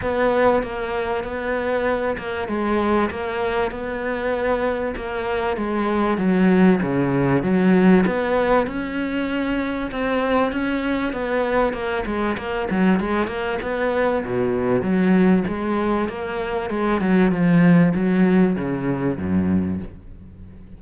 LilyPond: \new Staff \with { instrumentName = "cello" } { \time 4/4 \tempo 4 = 97 b4 ais4 b4. ais8 | gis4 ais4 b2 | ais4 gis4 fis4 cis4 | fis4 b4 cis'2 |
c'4 cis'4 b4 ais8 gis8 | ais8 fis8 gis8 ais8 b4 b,4 | fis4 gis4 ais4 gis8 fis8 | f4 fis4 cis4 fis,4 | }